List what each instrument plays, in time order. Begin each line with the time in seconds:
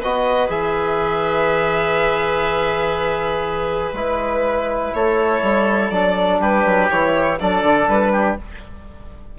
0.00 bassoon B3, trombone F#4, oboe B4, violin D#5
0.49 bassoon E3, trombone G#4, violin E5
3.93 bassoon G#3, trombone E4, violin B4
4.94 bassoon A3, oboe A4, violin C#5
5.42 bassoon G3
5.90 bassoon F#3, trombone D4, violin D5
6.40 bassoon G3, oboe G4, violin B4
6.65 bassoon F#3
6.90 bassoon E3, trombone E4, violin C#5
7.39 bassoon F#3, trombone D4, oboe A4, violin D5
7.62 bassoon D3
7.88 bassoon G3, violin B4
8.12 oboe G4